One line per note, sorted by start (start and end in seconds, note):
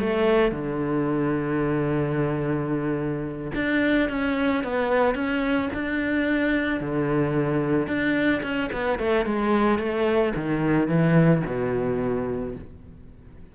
0.00 0.52 A3
0.52 3.52 D3
3.56 4.10 D4
4.10 4.64 C#4
4.64 5.15 B3
5.15 5.70 C#4
5.74 6.81 D4
6.81 7.88 D3
7.88 8.42 D4
8.43 8.70 C#4
8.73 8.99 B3
8.99 9.26 A3
9.26 9.79 G#3
9.79 10.34 A3
10.36 10.88 D#3
10.88 11.43 E3
11.47 12.56 B2